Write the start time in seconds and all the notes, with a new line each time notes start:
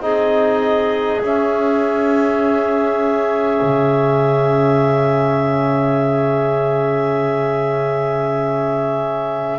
0.00 C4 D#4 G#4 D#5
1.20 C#4 E5
3.62 C#3